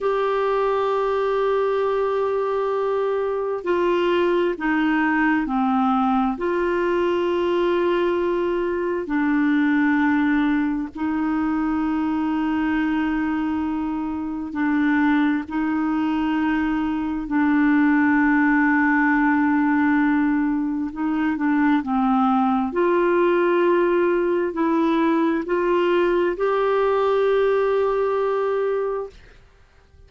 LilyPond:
\new Staff \with { instrumentName = "clarinet" } { \time 4/4 \tempo 4 = 66 g'1 | f'4 dis'4 c'4 f'4~ | f'2 d'2 | dis'1 |
d'4 dis'2 d'4~ | d'2. dis'8 d'8 | c'4 f'2 e'4 | f'4 g'2. | }